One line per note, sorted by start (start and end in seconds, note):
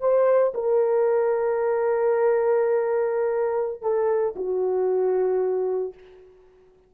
0.00 0.53 C5
0.54 3.82 A#4
3.82 4.34 A4
4.36 5.94 F#4